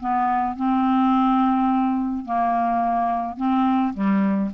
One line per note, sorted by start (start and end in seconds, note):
0.00 0.56 B3
0.56 2.25 C4
2.25 3.37 A#3
3.37 3.93 C4
3.94 4.50 G3